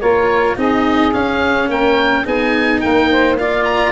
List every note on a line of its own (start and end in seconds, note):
0.00 0.57 A#3
0.00 0.56 F4
0.00 0.56 A#4
0.00 0.56 C#5
0.56 1.13 C4
0.56 1.12 D#4
0.56 1.69 G#4
0.56 1.13 D#5
1.12 2.24 C#4
1.12 1.68 C#4
1.12 1.69 F5
1.68 2.24 A#3
1.68 2.23 A#4
1.68 2.26 G5
2.23 2.82 B3
2.23 3.37 D#4
2.23 2.79 G#4
2.23 2.80 G#5
2.80 3.92 A#3
2.80 3.10 A#4
2.80 3.36 G5
3.10 3.38 C5
3.38 3.92 F4
3.38 3.92 D5
3.38 3.64 F5
3.64 3.92 A#5